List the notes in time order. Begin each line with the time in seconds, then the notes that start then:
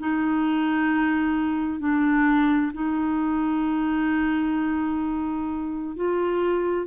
0.00 D#4
1.80 D4
2.74 D#4
5.96 F4